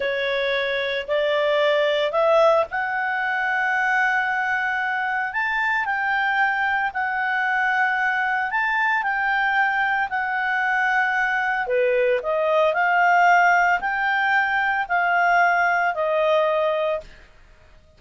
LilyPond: \new Staff \with { instrumentName = "clarinet" } { \time 4/4 \tempo 4 = 113 cis''2 d''2 | e''4 fis''2.~ | fis''2 a''4 g''4~ | g''4 fis''2. |
a''4 g''2 fis''4~ | fis''2 b'4 dis''4 | f''2 g''2 | f''2 dis''2 | }